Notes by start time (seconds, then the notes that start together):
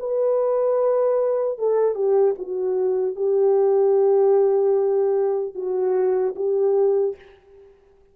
0.00 B4
1.59 A4
1.95 G4
2.39 F#4
3.16 G4
5.55 F#4
6.36 G4